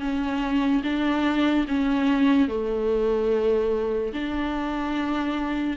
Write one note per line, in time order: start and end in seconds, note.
0.00 0.82 C#4
0.83 1.66 D4
1.68 2.48 C#4
2.48 4.13 A3
4.13 5.77 D4